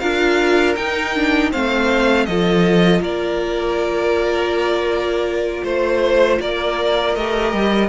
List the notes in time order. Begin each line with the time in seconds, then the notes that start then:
0.00 D4 F4 A#4 F5
0.76 D#4 G5
1.15 D4
1.52 A3 C4 C5 F5
2.26 F3 F4 A4 D#5
3.00 A#3 A#4 D5
5.64 A3 C5
6.39 A#3 A#4 D5
7.16 A3 G4 D#5
7.53 G3